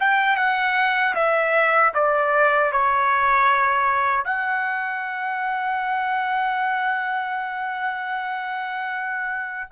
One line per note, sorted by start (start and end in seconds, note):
0.00 0.37 G5
0.37 1.15 F#5
1.15 1.93 E5
1.94 2.72 D5
2.72 4.25 C#5
4.25 9.70 F#5